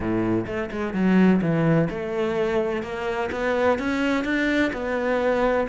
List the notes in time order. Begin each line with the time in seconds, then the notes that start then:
0.00 A2
0.46 A3
0.71 G#3
0.93 F#3
1.41 E3
1.90 A3
2.82 A#3
3.31 B3
3.78 C#4
4.24 D4
4.72 B3